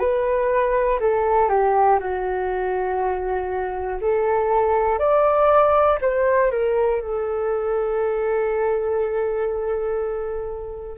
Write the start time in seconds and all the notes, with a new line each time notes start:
0.00 B4
1.00 A4
1.50 G4
2.00 F#4
4.02 A4
5.00 D5
6.01 C5
6.51 A#4
7.01 A4